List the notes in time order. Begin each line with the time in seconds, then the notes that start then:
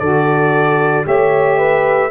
0.00 D3 F#4 A4 D5
1.04 A3 G4 C#5 E5
1.58 B4